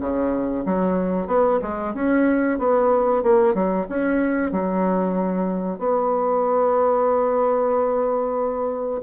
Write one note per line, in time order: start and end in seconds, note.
0.00 0.65 C#3
0.65 1.27 F#3
1.27 1.59 B3
1.62 1.94 G#3
1.94 2.59 C#4
2.59 3.23 B3
3.23 3.54 A#3
3.54 3.87 F#3
3.89 4.52 C#4
4.52 5.79 F#3
5.79 9.01 B3